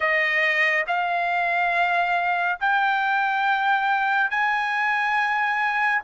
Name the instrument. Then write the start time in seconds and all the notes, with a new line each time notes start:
trumpet
0.00 D#5
0.87 F5
2.59 G5
4.30 G#5